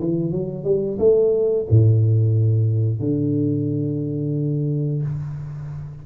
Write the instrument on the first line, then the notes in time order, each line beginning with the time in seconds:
tuba
0.00 E3
0.32 F#3
0.64 G3
0.99 A3
1.70 A2
3.00 D3